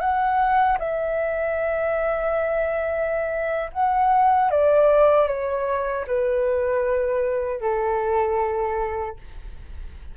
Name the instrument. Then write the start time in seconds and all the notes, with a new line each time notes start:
flute
0.00 F#5
0.79 E5
3.73 F#5
4.51 D5
5.27 C#5
6.07 B4
7.61 A4